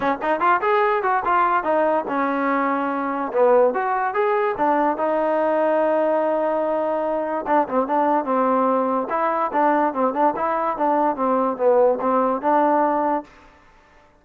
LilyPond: \new Staff \with { instrumentName = "trombone" } { \time 4/4 \tempo 4 = 145 cis'8 dis'8 f'8 gis'4 fis'8 f'4 | dis'4 cis'2. | b4 fis'4 gis'4 d'4 | dis'1~ |
dis'2 d'8 c'8 d'4 | c'2 e'4 d'4 | c'8 d'8 e'4 d'4 c'4 | b4 c'4 d'2 | }